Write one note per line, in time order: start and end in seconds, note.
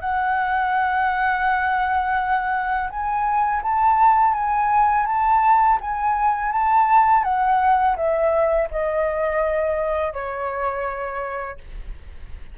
0.00 2.89 F#5
2.89 3.62 G#5
3.62 4.33 A5
4.33 5.05 G#5
5.06 5.78 A5
5.80 6.52 G#5
6.52 7.24 A5
7.24 7.96 F#5
7.96 8.68 E5
8.70 10.13 D#5
10.13 11.57 C#5